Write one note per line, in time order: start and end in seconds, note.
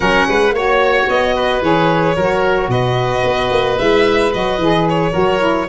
0.00 0.27 F#3
0.00 0.51 C#4
0.00 0.26 A#4
0.00 0.54 F#5
0.27 0.51 G#3
0.27 0.54 B4
0.51 1.06 A#3
0.51 1.62 F#4
0.51 1.35 C#5
0.51 1.09 C#5
1.08 1.61 B3
1.08 1.63 D#5
1.35 2.15 B4
1.61 2.15 E3
1.61 2.16 G#4
1.61 2.70 C#5
2.15 2.68 F#3
2.15 3.77 F#4
2.15 2.69 A#4
2.68 3.22 B2
2.68 5.12 B4
2.68 3.78 D#5
3.23 3.50 B3
3.51 3.78 A#3
3.77 4.33 G#3
3.77 4.31 E4
3.77 4.32 E5
4.32 4.57 F#3
4.32 4.59 F#4
4.32 4.87 D#5
4.57 5.11 E3
4.57 5.12 G#4
4.89 5.69 C#5
5.12 5.68 F#3
5.12 5.39 F#4
5.12 5.66 A#4
5.39 5.66 E4